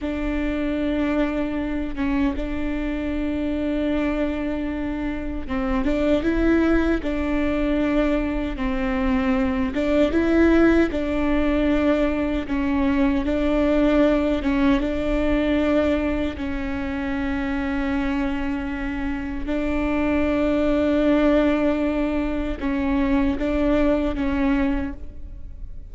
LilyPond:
\new Staff \with { instrumentName = "viola" } { \time 4/4 \tempo 4 = 77 d'2~ d'8 cis'8 d'4~ | d'2. c'8 d'8 | e'4 d'2 c'4~ | c'8 d'8 e'4 d'2 |
cis'4 d'4. cis'8 d'4~ | d'4 cis'2.~ | cis'4 d'2.~ | d'4 cis'4 d'4 cis'4 | }